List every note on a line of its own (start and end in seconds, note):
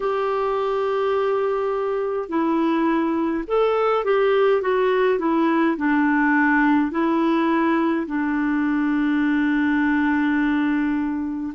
0.00 2.28 G4
2.28 3.44 E4
3.47 4.04 A4
4.04 4.61 G4
4.61 5.19 F#4
5.19 5.76 E4
5.77 6.91 D4
6.91 8.06 E4
8.07 11.53 D4